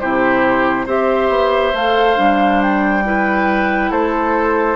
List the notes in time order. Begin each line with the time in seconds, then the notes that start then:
0.00 C3 E4 G4 C5
0.86 C4 G4 C5 E5
1.29 B3
1.74 A3 A4 F5
2.16 G3 D4
2.62 G5
3.04 E4 B4
3.91 A3 A4 C5